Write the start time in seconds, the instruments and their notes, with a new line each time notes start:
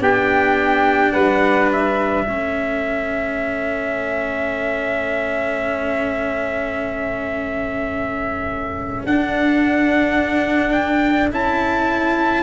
0.00 tuba B3, cello D4, saxophone G4, trumpet G5
1.12 tuba G3, saxophone B4, trumpet F#5
1.72 trumpet E5
2.25 tuba A3, cello C#4, saxophone A4
9.06 tuba D4, cello D4, trumpet F#5
10.71 trumpet G5
11.32 tuba C#4, cello E4, trumpet A5